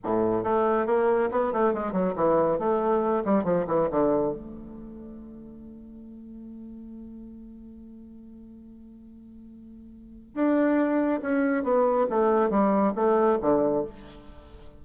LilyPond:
\new Staff \with { instrumentName = "bassoon" } { \time 4/4 \tempo 4 = 139 a,4 a4 ais4 b8 a8 | gis8 fis8 e4 a4. g8 | f8 e8 d4 a2~ | a1~ |
a1~ | a1 | d'2 cis'4 b4 | a4 g4 a4 d4 | }